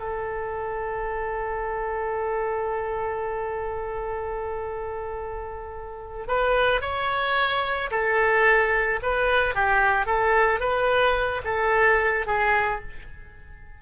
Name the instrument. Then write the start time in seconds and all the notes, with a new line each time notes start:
oboe
0.00 A4
6.28 B4
6.82 C#5
7.91 A4
9.03 B4
9.55 G4
10.06 A4
10.60 B4
11.45 A4
12.27 G#4